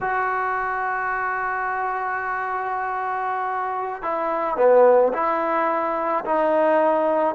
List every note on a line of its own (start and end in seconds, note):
0.01 4.02 F#4
4.02 4.57 E4
4.57 5.12 B3
5.13 6.24 E4
6.24 7.35 D#4